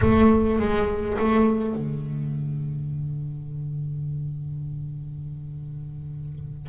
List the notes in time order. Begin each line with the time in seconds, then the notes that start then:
0.01 A3
0.59 G#3
1.18 A3
1.75 D3